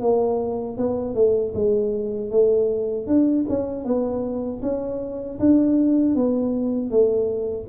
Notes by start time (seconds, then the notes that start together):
0.00 A#3
0.77 B3
1.14 A3
1.54 G#3
2.30 A3
3.07 D4
3.48 C#4
3.84 B3
4.62 C#4
5.39 D4
6.15 B3
6.90 A3